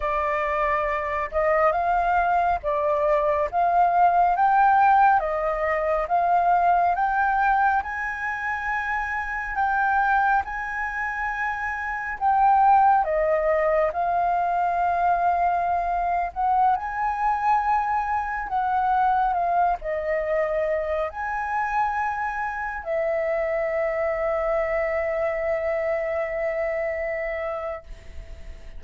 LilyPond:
\new Staff \with { instrumentName = "flute" } { \time 4/4 \tempo 4 = 69 d''4. dis''8 f''4 d''4 | f''4 g''4 dis''4 f''4 | g''4 gis''2 g''4 | gis''2 g''4 dis''4 |
f''2~ f''8. fis''8 gis''8.~ | gis''4~ gis''16 fis''4 f''8 dis''4~ dis''16~ | dis''16 gis''2 e''4.~ e''16~ | e''1 | }